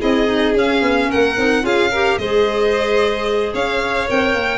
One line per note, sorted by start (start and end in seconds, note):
0.00 0.54 C4
0.00 0.26 E4
0.00 1.09 G#4
0.00 0.56 D#5
0.26 0.53 D#4
0.54 0.81 C#4
0.54 1.36 C#4
0.54 1.12 F5
0.82 1.09 B3
1.09 1.37 A#3
1.09 1.64 A#4
1.09 1.65 F#5
1.37 1.63 C4
1.37 1.62 D#4
1.62 2.17 C#4
1.62 1.90 F4
1.62 1.91 G#4
1.62 2.18 F5
1.91 2.21 G4
1.91 2.18 A#4
2.18 3.53 G#3
2.18 4.08 G#4
2.18 3.53 C5
2.18 3.53 D#5
3.53 4.09 C#4
3.53 4.58 C#5
3.53 4.09 F5
4.08 4.34 C4
4.08 4.58 A#4
4.08 4.58 G5
4.34 4.58 A#3